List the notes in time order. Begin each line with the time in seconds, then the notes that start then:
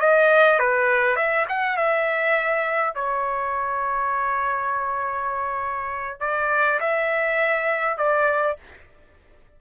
0.00 D#5
0.59 B4
1.16 E5
1.49 F#5
1.77 E5
2.95 C#5
6.20 D5
6.80 E5
7.98 D5